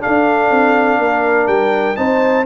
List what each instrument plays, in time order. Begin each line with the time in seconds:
0.00 trombone D4, horn A4, trumpet F5
0.06 tuba D4
0.50 tuba C4
0.99 tuba A#3, horn A#4
1.47 tuba G3, trumpet G5
1.96 tuba C4, trombone D#4, horn C5, trumpet A5